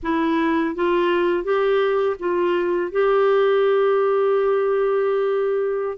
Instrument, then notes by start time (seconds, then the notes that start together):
clarinet
0.02 E4
0.75 F4
1.44 G4
2.19 F4
2.91 G4